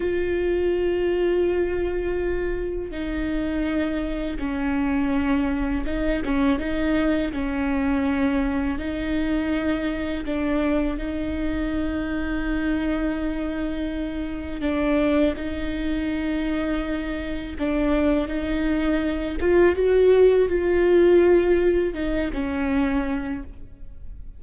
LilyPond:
\new Staff \with { instrumentName = "viola" } { \time 4/4 \tempo 4 = 82 f'1 | dis'2 cis'2 | dis'8 cis'8 dis'4 cis'2 | dis'2 d'4 dis'4~ |
dis'1 | d'4 dis'2. | d'4 dis'4. f'8 fis'4 | f'2 dis'8 cis'4. | }